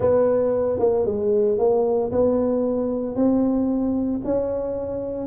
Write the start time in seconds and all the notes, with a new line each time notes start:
0.00 B3
0.79 A#3
1.05 G#3
1.58 A#3
2.11 B3
3.15 C4
4.24 C#4